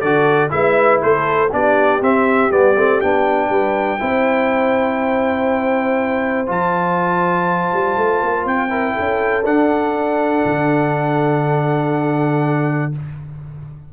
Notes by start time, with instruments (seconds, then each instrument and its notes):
0.00 tuba D3, trombone F#4, horn A4, trumpet D5
0.50 tuba G#3, trombone E4, horn B4, trumpet E5
1.02 tuba A3, horn A4, trumpet C5
1.51 tuba B3, trombone D4, horn G4, trumpet D5
2.01 tuba C4, trombone C4, trumpet E5
2.50 tuba G3, trombone B3, trumpet D5
2.76 tuba A3, trombone C4
3.01 tuba B3, trombone D4, trumpet G5
3.49 tuba G3, horn B4
3.99 tuba C4, trombone E4, horn C5
6.47 tuba F3, trombone F4, trumpet A5
7.73 tuba G3
7.97 tuba A3
8.22 tuba A#3
8.45 tuba C4, trumpet G5
8.69 trombone E4, horn A#4
8.95 tuba C#4, horn A4
9.45 tuba D4, trombone D4, trumpet F#5
10.45 tuba D3